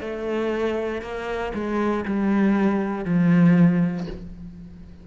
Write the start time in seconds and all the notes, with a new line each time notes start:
0.00 A3
1.01 A#3
1.53 G#3
2.05 G3
3.05 F3